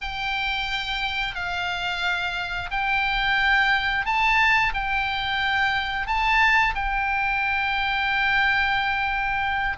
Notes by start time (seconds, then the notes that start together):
0.01 G5
1.35 F5
2.71 G5
4.05 A5
4.73 G5
6.06 A5
6.74 G5